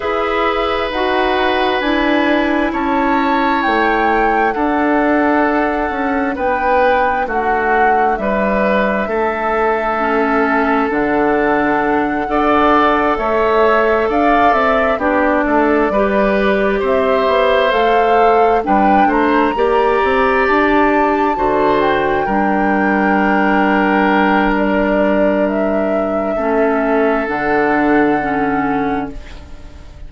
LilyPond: <<
  \new Staff \with { instrumentName = "flute" } { \time 4/4 \tempo 4 = 66 e''4 fis''4 gis''4 a''4 | g''4 fis''2 g''4 | fis''4 e''2. | fis''2~ fis''8 e''4 f''8 |
e''8 d''2 e''4 f''8~ | f''8 g''8 ais''4. a''4. | g''2. d''4 | e''2 fis''2 | }
  \new Staff \with { instrumentName = "oboe" } { \time 4/4 b'2. cis''4~ | cis''4 a'2 b'4 | fis'4 b'4 a'2~ | a'4. d''4 cis''4 d''8~ |
d''8 g'8 a'8 b'4 c''4.~ | c''8 b'8 c''8 d''2 c''8~ | c''8 ais'2.~ ais'8~ | ais'4 a'2. | }
  \new Staff \with { instrumentName = "clarinet" } { \time 4/4 gis'4 fis'4 e'2~ | e'4 d'2.~ | d'2. cis'4 | d'4. a'2~ a'8~ |
a'8 d'4 g'2 a'8~ | a'8 d'4 g'2 fis'8~ | fis'8 d'2.~ d'8~ | d'4 cis'4 d'4 cis'4 | }
  \new Staff \with { instrumentName = "bassoon" } { \time 4/4 e'4 dis'4 d'4 cis'4 | a4 d'4. cis'8 b4 | a4 g4 a2 | d4. d'4 a4 d'8 |
c'8 b8 a8 g4 c'8 b8 a8~ | a8 g8 a8 ais8 c'8 d'4 d8~ | d8 g2.~ g8~ | g4 a4 d2 | }
>>